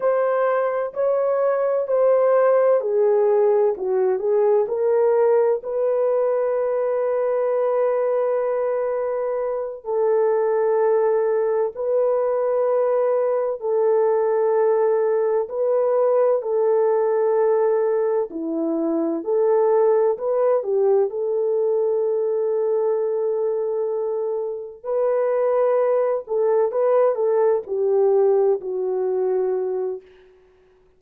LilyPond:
\new Staff \with { instrumentName = "horn" } { \time 4/4 \tempo 4 = 64 c''4 cis''4 c''4 gis'4 | fis'8 gis'8 ais'4 b'2~ | b'2~ b'8 a'4.~ | a'8 b'2 a'4.~ |
a'8 b'4 a'2 e'8~ | e'8 a'4 b'8 g'8 a'4.~ | a'2~ a'8 b'4. | a'8 b'8 a'8 g'4 fis'4. | }